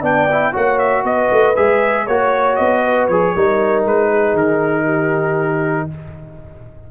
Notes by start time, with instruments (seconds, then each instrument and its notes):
0.00 tuba B3, trombone D4, horn D5, trumpet G5
0.32 trombone E4
0.52 tuba A#3, trombone F#4, horn C#5, trumpet F#5
0.78 trumpet E5
1.04 tuba B3, horn B4, trumpet D#5
1.31 tuba A3
1.56 tuba G#3, trombone G#4, trumpet E5
2.05 tuba A#3, trombone F#4, horn C#5, trumpet C#5
2.56 tuba B3, trumpet D#5
2.84 horn B4
3.07 tuba F3, trombone G#4, trumpet C#5
3.34 tuba G3, trombone D#4, horn A#4
3.85 tuba G#3, trumpet B4
4.10 horn G#4
4.33 tuba D#3, trumpet A#4
4.84 horn G4